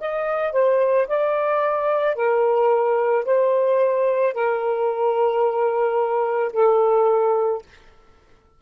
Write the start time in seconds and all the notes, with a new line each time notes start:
0.00 D#5
0.53 C5
1.08 D5
2.16 A#4
3.25 C5
4.34 A#4
6.53 A4